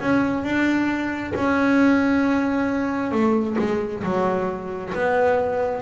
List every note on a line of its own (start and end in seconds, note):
0.00 0.44 C#4
0.44 1.33 D4
1.35 3.11 C#4
3.11 3.56 A3
3.59 4.03 G#3
4.03 4.93 F#3
4.94 5.82 B3